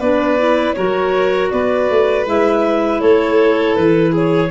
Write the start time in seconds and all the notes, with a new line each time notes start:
0.00 B3 D4 B4 D5
0.38 E4
0.73 F#3 F#4 A#4 C#5
1.50 B3 B4 D5
1.90 A3
2.26 G#3 E4 E5
3.01 A3 A4 C#5
3.75 E3 B4
4.12 G#4 C#5